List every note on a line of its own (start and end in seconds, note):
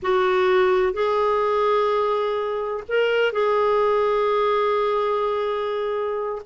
0.02 0.93 F#4
0.93 2.83 G#4
2.88 3.32 A#4
3.32 6.42 G#4